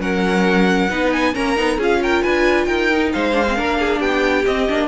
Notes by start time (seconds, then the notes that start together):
0.00 F#3 C#4 A#4 F#5
0.89 B3 D#4 B4
1.13 G#5
1.35 A#3 C#4 A#4 A#5
1.56 B3 D#4
1.78 C#4 F4 G#4 F5
2.03 A#4 G5
2.23 D4 B4 G#5
2.65 D#4 A#4 G5
2.91 D#4
3.13 G#3 C5 F5
3.33 D4
3.49 C4
3.56 A#3 D4 A#4
3.80 G#4
4.00 B3 G4 G5
4.46 C4 D#5
4.69 A#3 D4